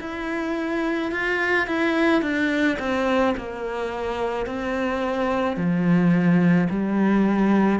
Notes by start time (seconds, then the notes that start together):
0.00 E4
1.12 F4
1.67 E4
2.22 D4
2.79 C4
3.37 A#3
4.46 C4
5.57 F3
6.70 G3